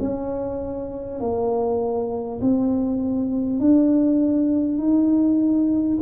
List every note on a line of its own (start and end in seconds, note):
0.00 1.20 C#4
1.20 2.40 A#3
2.41 3.59 C4
3.59 4.78 D4
4.78 5.98 D#4